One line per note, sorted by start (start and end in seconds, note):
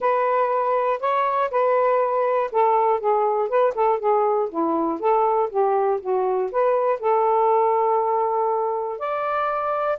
0.00 1.00 B4
1.00 1.50 C#5
1.50 2.50 B4
2.51 3.00 A4
3.00 3.48 G#4
3.48 3.73 B4
3.75 3.99 A4
3.99 4.49 G#4
4.49 4.99 E4
4.99 5.49 A4
5.50 6.00 G4
6.00 6.50 F#4
6.51 6.99 B4
6.99 8.99 A4
8.99 9.99 D5